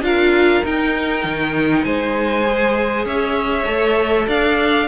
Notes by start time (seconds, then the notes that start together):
0.00 D4 F4 A#4 F5
0.64 D#4 G5
1.24 D#3
1.84 G#3 C5 G#5
2.47 G#4
3.05 C#4 C#5 E5
3.66 A3 A4
4.28 D4 D5 F5